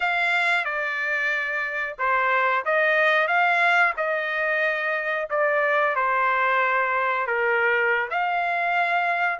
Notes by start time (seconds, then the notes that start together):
0.00 F5
0.64 D5
1.98 C5
2.65 D#5
3.27 F5
3.97 D#5
5.30 D5
5.95 C5
7.26 A#4
8.10 F5